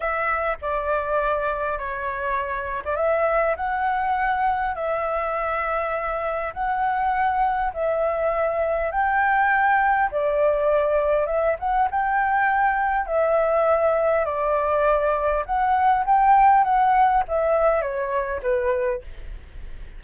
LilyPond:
\new Staff \with { instrumentName = "flute" } { \time 4/4 \tempo 4 = 101 e''4 d''2 cis''4~ | cis''8. d''16 e''4 fis''2 | e''2. fis''4~ | fis''4 e''2 g''4~ |
g''4 d''2 e''8 fis''8 | g''2 e''2 | d''2 fis''4 g''4 | fis''4 e''4 cis''4 b'4 | }